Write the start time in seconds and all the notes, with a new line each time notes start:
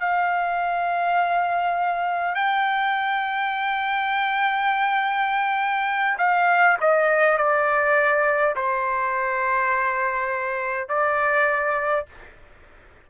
0.00 F5
2.35 G5
6.18 F5
6.80 D#5
7.37 D5
8.56 C5
10.88 D5